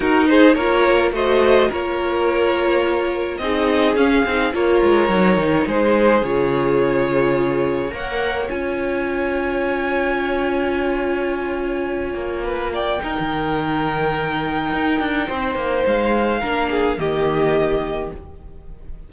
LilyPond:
<<
  \new Staff \with { instrumentName = "violin" } { \time 4/4 \tempo 4 = 106 ais'8 c''8 cis''4 dis''4 cis''4~ | cis''2 dis''4 f''4 | cis''2 c''4 cis''4~ | cis''2 fis''4 gis''4~ |
gis''1~ | gis''2~ gis''8 g''4.~ | g''1 | f''2 dis''2 | }
  \new Staff \with { instrumentName = "violin" } { \time 4/4 fis'8 gis'8 ais'4 c''4 ais'4~ | ais'2 gis'2 | ais'2 gis'2~ | gis'2 cis''2~ |
cis''1~ | cis''2 b'8 d''8 ais'4~ | ais'2. c''4~ | c''4 ais'8 gis'8 g'2 | }
  \new Staff \with { instrumentName = "viola" } { \time 4/4 dis'4 f'4 fis'4 f'4~ | f'2 dis'4 cis'8 dis'8 | f'4 dis'2 f'4~ | f'2 ais'4 f'4~ |
f'1~ | f'2. dis'4~ | dis'1~ | dis'4 d'4 ais2 | }
  \new Staff \with { instrumentName = "cello" } { \time 4/4 dis'4 ais4 a4 ais4~ | ais2 c'4 cis'8 c'8 | ais8 gis8 fis8 dis8 gis4 cis4~ | cis2 ais4 cis'4~ |
cis'1~ | cis'4. ais4. dis'16 dis8.~ | dis2 dis'8 d'8 c'8 ais8 | gis4 ais4 dis2 | }
>>